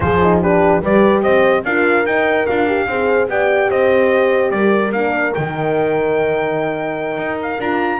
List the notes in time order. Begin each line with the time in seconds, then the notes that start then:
0.00 F3 F4 G#4 C5
0.22 D#4
0.40 D4 G4 B4
0.81 G3 G4 B4 D5
1.22 C4 C5 D#5
1.64 D4 F4 A#4 F5
2.05 D#4 G5
2.46 D4 F4 F5
2.67 G4
2.86 C4 G#4 C5
3.28 B3 G4 D5 G5
3.70 C4 C5 D#5
4.50 G3 A#4 D5
4.91 A#3 D4 F5
5.34 D#3 D#4 G5
7.17 D#4
7.42 F5
7.59 D4 F4 A#5